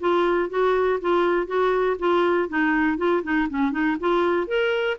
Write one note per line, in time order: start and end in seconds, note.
0.00 0.50 F4
0.50 1.00 F#4
1.01 1.47 F4
1.47 1.97 F#4
1.99 2.49 F4
2.49 2.98 D#4
2.98 3.23 F4
3.23 3.48 D#4
3.50 3.72 C#4
3.72 3.97 D#4
4.00 4.47 F4
4.47 4.97 A#4